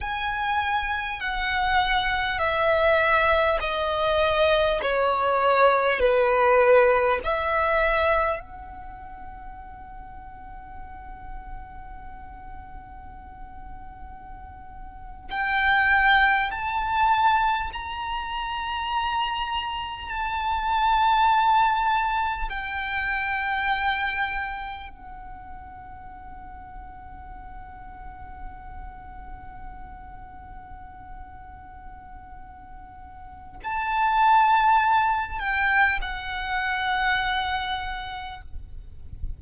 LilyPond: \new Staff \with { instrumentName = "violin" } { \time 4/4 \tempo 4 = 50 gis''4 fis''4 e''4 dis''4 | cis''4 b'4 e''4 fis''4~ | fis''1~ | fis''8. g''4 a''4 ais''4~ ais''16~ |
ais''8. a''2 g''4~ g''16~ | g''8. fis''2.~ fis''16~ | fis''1 | a''4. g''8 fis''2 | }